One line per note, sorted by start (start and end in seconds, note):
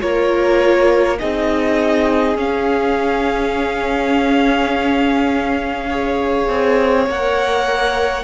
0.00 1.21 A#3
0.00 1.18 F4
0.00 1.19 A#4
0.00 1.18 C#5
1.19 2.36 C4
1.19 2.37 D#4
1.19 5.89 G#4
1.19 2.37 D#5
2.36 6.48 C#4
2.36 5.90 C#4
2.36 7.09 F5
5.89 7.08 G#4
5.89 8.23 C#5
6.48 7.07 C4
7.07 8.23 A#3
7.07 8.23 A#4
7.07 8.23 F#5